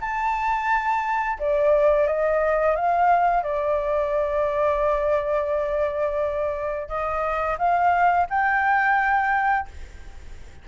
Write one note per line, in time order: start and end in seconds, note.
0.00 1.38 A5
1.39 2.07 D5
2.07 2.75 D#5
2.75 3.43 F5
3.43 6.88 D5
6.88 7.57 D#5
7.58 8.27 F5
8.29 9.67 G5